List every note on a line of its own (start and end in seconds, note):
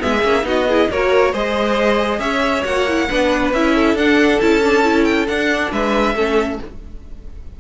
0.00 0.24 G#3
0.00 0.22 B3
0.00 0.46 G#4
0.00 0.46 E5
0.24 0.43 A#3
0.24 0.43 C#4
0.43 0.87 B3
0.43 0.65 D#4
0.43 0.69 F#4
0.49 0.92 D#5
0.69 0.92 E4
0.69 0.91 G#4
0.91 1.34 A#3
0.91 1.34 F#4
0.91 1.32 A#4
0.91 1.34 C#5
1.32 2.19 G#3
1.32 2.65 G#4
1.32 2.20 C5
1.32 2.20 D#5
2.19 2.63 C#4
2.19 3.09 C#5
2.19 2.64 E5
2.64 3.09 A#3
2.64 2.87 F#4
2.64 3.52 F#5
2.88 3.10 E4
3.10 3.53 B3
3.10 3.54 D4
3.10 3.75 B4
3.53 3.95 C#4
3.53 3.98 E4
3.53 3.97 E5
3.75 5.72 A4
3.95 4.38 D4
3.95 4.41 D4
3.95 4.41 F#5
4.41 5.28 C#4
4.41 4.63 E4
4.41 5.05 A5
4.63 4.83 D4
4.83 5.27 E4
5.05 5.26 G5
5.28 5.72 D4
5.28 6.17 D4
5.28 5.72 F#5
5.72 6.15 G#3
5.72 6.16 B4
5.72 6.61 E5
6.15 6.59 A3
6.15 6.61 C#4
6.15 6.60 A4